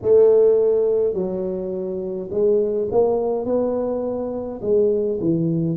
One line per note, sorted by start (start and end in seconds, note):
0.02 1.13 A3
1.13 2.29 F#3
2.30 2.88 G#3
2.91 3.45 A#3
3.45 4.60 B3
4.62 5.19 G#3
5.20 5.77 E3